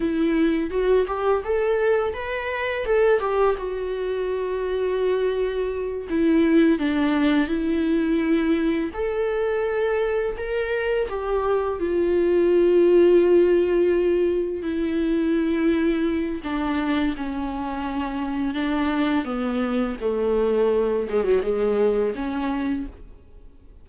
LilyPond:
\new Staff \with { instrumentName = "viola" } { \time 4/4 \tempo 4 = 84 e'4 fis'8 g'8 a'4 b'4 | a'8 g'8 fis'2.~ | fis'8 e'4 d'4 e'4.~ | e'8 a'2 ais'4 g'8~ |
g'8 f'2.~ f'8~ | f'8 e'2~ e'8 d'4 | cis'2 d'4 b4 | a4. gis16 fis16 gis4 cis'4 | }